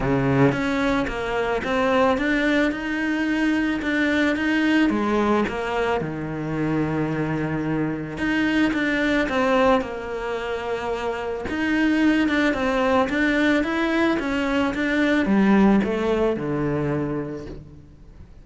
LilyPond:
\new Staff \with { instrumentName = "cello" } { \time 4/4 \tempo 4 = 110 cis4 cis'4 ais4 c'4 | d'4 dis'2 d'4 | dis'4 gis4 ais4 dis4~ | dis2. dis'4 |
d'4 c'4 ais2~ | ais4 dis'4. d'8 c'4 | d'4 e'4 cis'4 d'4 | g4 a4 d2 | }